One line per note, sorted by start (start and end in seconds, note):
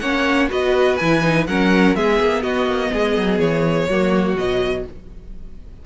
0.00 0.50 A#3
0.00 0.49 C#4
0.00 0.50 C#5
0.00 0.48 F#5
0.49 1.01 B3
0.49 0.98 F#4
0.49 1.48 B4
0.49 0.96 D#5
0.96 1.48 E3
0.96 1.22 E4
0.96 1.45 G#5
1.22 1.46 D#4
1.48 1.96 F#3
1.48 1.96 C#4
1.48 1.97 A#4
1.48 1.96 F#5
1.96 2.20 G#3
1.96 3.90 B3
1.96 2.43 G#4
1.96 2.43 E5
2.21 2.44 A#3
2.43 2.67 B3
2.43 2.92 F#4
2.43 3.40 D#5
2.67 2.91 A#3
2.93 3.17 G#3
2.93 3.89 G#4
3.17 3.39 F#3
3.39 3.88 E3
3.39 4.37 C#5
3.89 4.36 F#3
3.89 4.37 A#3
3.89 4.86 F#4
4.36 4.84 B2
4.36 4.86 F#3
4.36 4.86 D#5